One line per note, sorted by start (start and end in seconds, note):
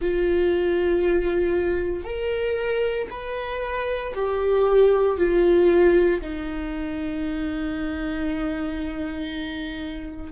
0.01 2.04 F4
2.04 3.08 A#4
3.10 4.14 B4
4.14 5.17 G4
5.17 6.21 F4
6.21 10.32 D#4